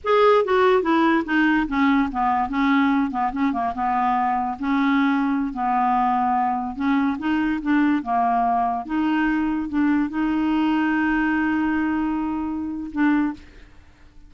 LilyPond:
\new Staff \with { instrumentName = "clarinet" } { \time 4/4 \tempo 4 = 144 gis'4 fis'4 e'4 dis'4 | cis'4 b4 cis'4. b8 | cis'8 ais8 b2 cis'4~ | cis'4~ cis'16 b2~ b8.~ |
b16 cis'4 dis'4 d'4 ais8.~ | ais4~ ais16 dis'2 d'8.~ | d'16 dis'2.~ dis'8.~ | dis'2. d'4 | }